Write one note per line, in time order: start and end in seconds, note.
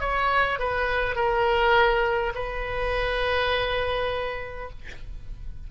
0.00 0.59 C#5
0.59 1.16 B4
1.16 2.33 A#4
2.35 4.70 B4